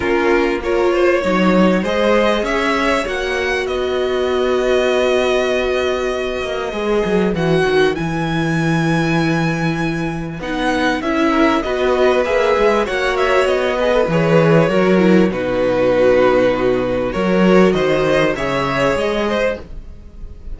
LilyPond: <<
  \new Staff \with { instrumentName = "violin" } { \time 4/4 \tempo 4 = 98 ais'4 cis''2 dis''4 | e''4 fis''4 dis''2~ | dis''1 | fis''4 gis''2.~ |
gis''4 fis''4 e''4 dis''4 | e''4 fis''8 e''8 dis''4 cis''4~ | cis''4 b'2. | cis''4 dis''4 e''4 dis''4 | }
  \new Staff \with { instrumentName = "violin" } { \time 4/4 f'4 ais'8 c''8 cis''4 c''4 | cis''2 b'2~ | b'1~ | b'1~ |
b'2~ b'8 ais'8 b'4~ | b'4 cis''4. b'4. | ais'4 fis'2. | ais'4 c''4 cis''4. c''8 | }
  \new Staff \with { instrumentName = "viola" } { \time 4/4 cis'4 f'4 dis'4 gis'4~ | gis'4 fis'2.~ | fis'2. gis'4 | fis'4 e'2.~ |
e'4 dis'4 e'4 fis'4 | gis'4 fis'4. gis'16 a'16 gis'4 | fis'8 e'8 dis'2. | fis'2 gis'2 | }
  \new Staff \with { instrumentName = "cello" } { \time 4/4 ais2 fis4 gis4 | cis'4 ais4 b2~ | b2~ b8 ais8 gis8 fis8 | e8 dis8 e2.~ |
e4 b4 cis'4 b4 | ais8 gis8 ais4 b4 e4 | fis4 b,2. | fis4 dis4 cis4 gis4 | }
>>